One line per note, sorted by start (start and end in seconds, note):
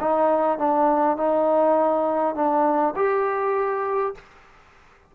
0.00 0.58 D#4
0.58 1.17 D4
1.17 2.35 D#4
2.35 2.94 D4
2.96 4.14 G4